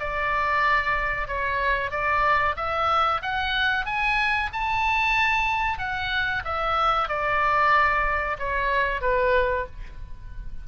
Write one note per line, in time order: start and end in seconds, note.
0.00 1.28 D5
1.28 1.91 C#5
1.91 2.56 D5
2.57 3.22 E5
3.23 3.86 F#5
3.86 4.50 G#5
4.53 5.79 A5
5.79 6.43 F#5
6.45 7.09 E5
7.09 8.38 D5
8.39 9.02 C#5
9.02 9.66 B4